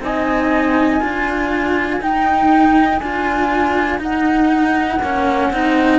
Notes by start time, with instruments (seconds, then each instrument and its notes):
0.00 cello C4 D#4, trumpet D#5, flute G#5
1.01 cello D4 F4, trumpet A#4
2.01 cello D#4, flute G5
2.99 cello D4 F4, flute G#5
3.99 cello D#4, flute F#5
5.00 cello A#3 C#4
5.51 cello C4 D#4